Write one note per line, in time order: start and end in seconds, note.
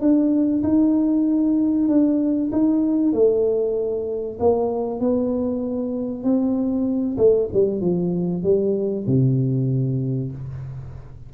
0.00 0.62 D4
0.63 1.88 D#4
1.88 2.51 D4
2.52 3.12 D#4
3.12 4.38 A3
4.39 5.00 A#3
5.00 6.23 B3
6.23 7.17 C4
7.17 7.49 A3
7.53 7.81 G3
7.81 8.43 F3
8.43 9.05 G3
9.06 10.31 C3